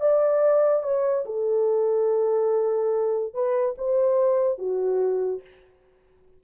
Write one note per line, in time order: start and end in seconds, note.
0.00 0.83 D5
0.83 1.25 C#5
1.25 3.34 A4
3.34 3.75 B4
3.78 4.58 C5
4.58 5.42 F#4